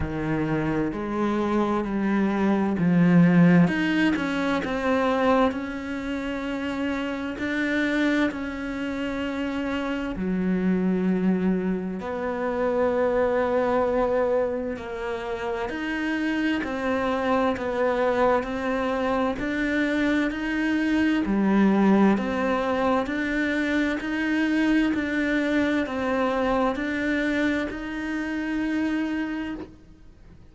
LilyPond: \new Staff \with { instrumentName = "cello" } { \time 4/4 \tempo 4 = 65 dis4 gis4 g4 f4 | dis'8 cis'8 c'4 cis'2 | d'4 cis'2 fis4~ | fis4 b2. |
ais4 dis'4 c'4 b4 | c'4 d'4 dis'4 g4 | c'4 d'4 dis'4 d'4 | c'4 d'4 dis'2 | }